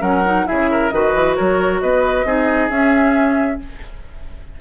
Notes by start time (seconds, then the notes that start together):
0.00 F#3 C#4 A#4 F#5
0.25 D#4
0.46 C#3 E4 G#4 E5
0.71 A#4
0.90 D#3 F#4 B4 D#5
1.14 E3
1.35 F#3 A#4 C#5
1.81 B3 B4 D#5
2.25 C4 D#4 G#4
2.69 C#4 E5